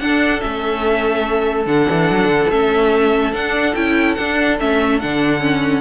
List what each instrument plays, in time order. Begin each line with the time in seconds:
0.00 cello D4, viola D4, violin A4 F#5
0.41 cello A3, viola C#4, violin E5
1.66 cello D3, viola D4, violin F#5
1.91 cello E3
2.11 cello F#3
2.25 cello D3
2.51 cello A3, viola C#4, violin E5
3.33 viola D4, cello D4, violin F#5
3.75 cello C#4, viola E4, violin G5
4.15 cello D4, viola D4, violin F#5
4.59 cello A3, viola C#4, violin E5
5.00 cello D3, viola D4, violin F#5
5.40 viola C#4